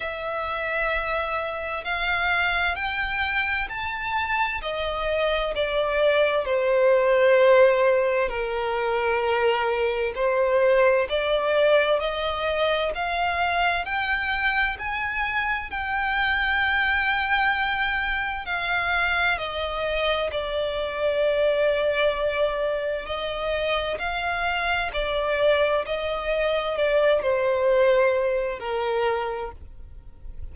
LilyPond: \new Staff \with { instrumentName = "violin" } { \time 4/4 \tempo 4 = 65 e''2 f''4 g''4 | a''4 dis''4 d''4 c''4~ | c''4 ais'2 c''4 | d''4 dis''4 f''4 g''4 |
gis''4 g''2. | f''4 dis''4 d''2~ | d''4 dis''4 f''4 d''4 | dis''4 d''8 c''4. ais'4 | }